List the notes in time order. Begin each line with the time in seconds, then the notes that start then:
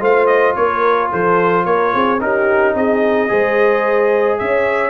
0.00 A3 F4 C5 F5
0.27 D#5
0.56 A#3 A#4 C#5
1.11 F3 A4 C5
1.65 A#3 A#4 C#5
1.94 C4 G#4
2.20 C#4 D#4 G4 A#4
2.75 C4 G#4 D#5
3.28 G#3 G#4 C5
4.38 C#4 C#5 E5